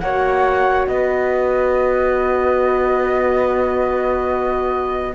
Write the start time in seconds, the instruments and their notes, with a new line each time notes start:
0.00 cello A#3, horn F#4, flute C#5 F#5
0.87 cello B3, flute B4 D#5